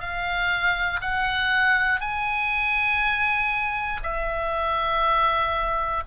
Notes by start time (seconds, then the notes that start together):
0.00 F5
1.01 F#5
2.00 G#5
4.03 E5